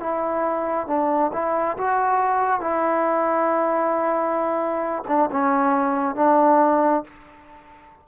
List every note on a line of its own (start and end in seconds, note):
0.00 0.87 E4
0.87 1.32 D4
1.33 1.77 E4
1.78 2.61 F#4
2.61 5.03 E4
5.08 5.30 D4
5.31 6.16 C#4
6.16 7.04 D4